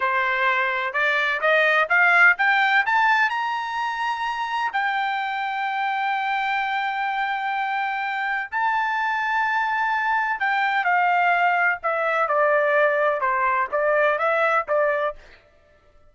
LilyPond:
\new Staff \with { instrumentName = "trumpet" } { \time 4/4 \tempo 4 = 127 c''2 d''4 dis''4 | f''4 g''4 a''4 ais''4~ | ais''2 g''2~ | g''1~ |
g''2 a''2~ | a''2 g''4 f''4~ | f''4 e''4 d''2 | c''4 d''4 e''4 d''4 | }